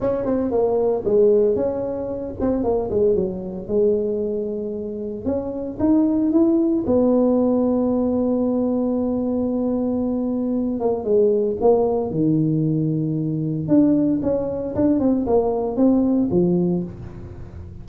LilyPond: \new Staff \with { instrumentName = "tuba" } { \time 4/4 \tempo 4 = 114 cis'8 c'8 ais4 gis4 cis'4~ | cis'8 c'8 ais8 gis8 fis4 gis4~ | gis2 cis'4 dis'4 | e'4 b2.~ |
b1~ | b8 ais8 gis4 ais4 dis4~ | dis2 d'4 cis'4 | d'8 c'8 ais4 c'4 f4 | }